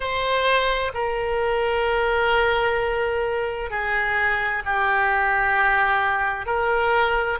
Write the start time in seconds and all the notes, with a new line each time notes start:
0.00 C5
0.94 A#4
3.70 G#4
4.64 G4
6.46 A#4